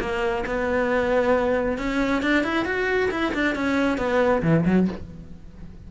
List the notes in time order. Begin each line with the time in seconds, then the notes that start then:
0.00 A#3
0.46 B3
1.78 C#4
2.22 D4
2.44 E4
2.65 F#4
3.11 E4
3.34 D4
3.55 C#4
3.98 B3
4.42 E3
4.66 F#3